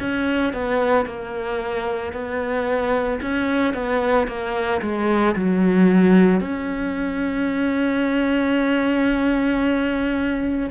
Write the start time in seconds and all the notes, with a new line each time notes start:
0.00 C#4
0.53 B3
1.06 A#3
2.13 B3
3.21 C#4
3.74 B3
4.28 A#3
4.82 G#3
5.36 F#3
6.40 C#4